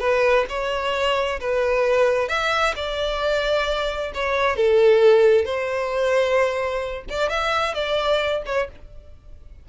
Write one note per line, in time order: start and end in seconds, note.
0.00 0.45 B4
0.49 1.40 C#5
1.40 2.29 B4
2.29 2.74 E5
2.76 4.12 D5
4.14 4.56 C#5
4.56 5.45 A4
5.45 7.04 C5
7.10 7.29 D5
7.29 7.74 E5
7.74 8.43 D5
8.46 8.69 C#5